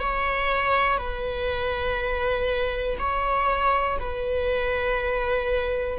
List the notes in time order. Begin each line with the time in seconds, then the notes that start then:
0.00 C#5
0.98 B4
2.99 C#5
3.99 B4